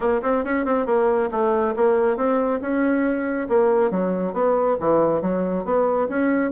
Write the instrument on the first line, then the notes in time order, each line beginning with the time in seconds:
bassoon
0.00 A#3
0.22 C4
0.44 C#4
0.65 C4
0.86 A#3
1.31 A3
1.76 A#3
2.16 C4
2.61 C#4
3.48 A#3
3.90 F#3
4.33 B3
4.79 E3
5.21 F#3
5.64 B3
6.08 C#4